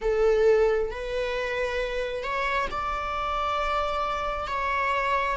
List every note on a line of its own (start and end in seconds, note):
0.01 0.90 A4
0.90 2.23 B4
2.23 2.68 C#5
2.70 4.47 D5
4.47 5.36 C#5